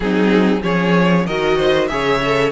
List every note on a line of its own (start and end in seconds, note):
0.00 0.61 F#3
0.00 0.63 C4
0.00 0.61 D#4
0.00 0.62 G#4
0.61 1.26 F3
0.61 1.26 C#4
0.61 1.24 G#4
0.61 1.26 C#5
1.26 1.90 D#3
1.26 1.89 F#4
1.26 1.57 A#4
1.26 1.87 D#5
1.57 1.89 C5
1.87 2.52 C#3
1.87 2.21 G#4
1.87 2.52 C#5
1.87 2.50 E5
2.22 2.52 A4